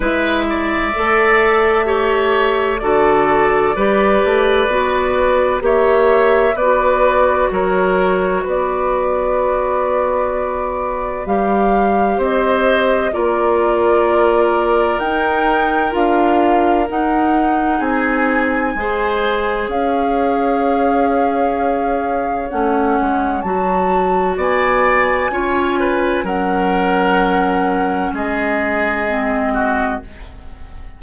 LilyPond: <<
  \new Staff \with { instrumentName = "flute" } { \time 4/4 \tempo 4 = 64 e''2. d''4~ | d''2 e''4 d''4 | cis''4 d''2. | f''4 dis''4 d''2 |
g''4 f''4 fis''4 gis''4~ | gis''4 f''2. | fis''4 a''4 gis''2 | fis''2 dis''2 | }
  \new Staff \with { instrumentName = "oboe" } { \time 4/4 b'8 d''4. cis''4 a'4 | b'2 cis''4 b'4 | ais'4 b'2.~ | b'4 c''4 ais'2~ |
ais'2. gis'4 | c''4 cis''2.~ | cis''2 d''4 cis''8 b'8 | ais'2 gis'4. fis'8 | }
  \new Staff \with { instrumentName = "clarinet" } { \time 4/4 e'4 a'4 g'4 fis'4 | g'4 fis'4 g'4 fis'4~ | fis'1 | g'2 f'2 |
dis'4 f'4 dis'2 | gis'1 | cis'4 fis'2 f'4 | cis'2. c'4 | }
  \new Staff \with { instrumentName = "bassoon" } { \time 4/4 gis4 a2 d4 | g8 a8 b4 ais4 b4 | fis4 b2. | g4 c'4 ais2 |
dis'4 d'4 dis'4 c'4 | gis4 cis'2. | a8 gis8 fis4 b4 cis'4 | fis2 gis2 | }
>>